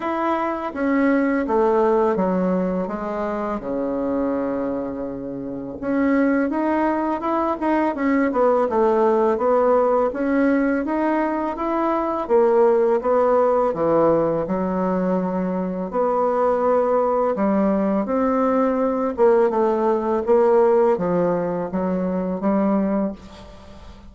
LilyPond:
\new Staff \with { instrumentName = "bassoon" } { \time 4/4 \tempo 4 = 83 e'4 cis'4 a4 fis4 | gis4 cis2. | cis'4 dis'4 e'8 dis'8 cis'8 b8 | a4 b4 cis'4 dis'4 |
e'4 ais4 b4 e4 | fis2 b2 | g4 c'4. ais8 a4 | ais4 f4 fis4 g4 | }